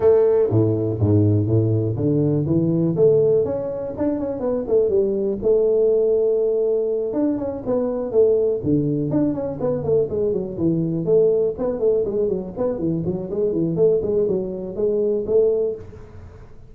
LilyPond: \new Staff \with { instrumentName = "tuba" } { \time 4/4 \tempo 4 = 122 a4 a,4 gis,4 a,4 | d4 e4 a4 cis'4 | d'8 cis'8 b8 a8 g4 a4~ | a2~ a8 d'8 cis'8 b8~ |
b8 a4 d4 d'8 cis'8 b8 | a8 gis8 fis8 e4 a4 b8 | a8 gis8 fis8 b8 e8 fis8 gis8 e8 | a8 gis8 fis4 gis4 a4 | }